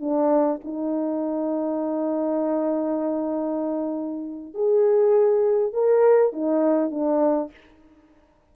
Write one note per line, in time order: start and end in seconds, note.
0.00 0.60 D4
0.64 4.54 D#4
4.54 5.73 G#4
5.73 6.32 A#4
6.32 6.91 D#4
6.91 7.51 D4